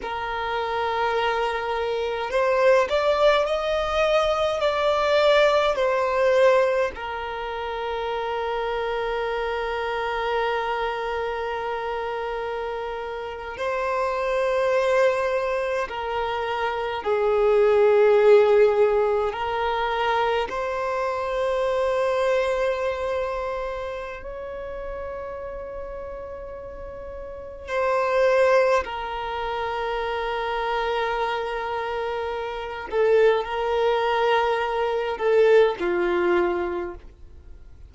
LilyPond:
\new Staff \with { instrumentName = "violin" } { \time 4/4 \tempo 4 = 52 ais'2 c''8 d''8 dis''4 | d''4 c''4 ais'2~ | ais'2.~ ais'8. c''16~ | c''4.~ c''16 ais'4 gis'4~ gis'16~ |
gis'8. ais'4 c''2~ c''16~ | c''4 cis''2. | c''4 ais'2.~ | ais'8 a'8 ais'4. a'8 f'4 | }